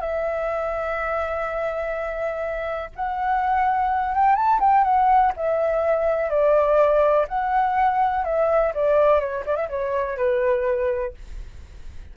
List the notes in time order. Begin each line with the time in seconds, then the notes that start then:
0.00 E5
2.95 F#5
4.14 G5
4.35 A5
4.60 G5
4.83 F#5
5.36 E5
6.29 D5
7.28 F#5
8.24 E5
8.74 D5
9.20 C#5
9.46 D5
9.55 E5
9.69 C#5
10.17 B4